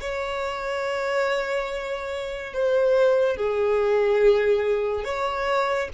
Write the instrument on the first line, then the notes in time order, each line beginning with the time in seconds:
violin
0.00 C#5
2.54 C5
3.36 G#4
5.04 C#5